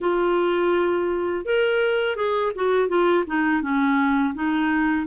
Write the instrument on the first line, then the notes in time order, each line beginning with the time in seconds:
clarinet
0.00 F4
1.45 A#4
2.16 G#4
2.55 F#4
2.88 F4
3.26 D#4
3.61 C#4
4.34 D#4